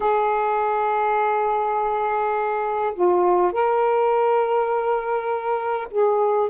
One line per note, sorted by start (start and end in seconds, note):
0.00 2.93 G#4
2.94 3.52 F4
3.52 5.87 A#4
5.90 6.49 G#4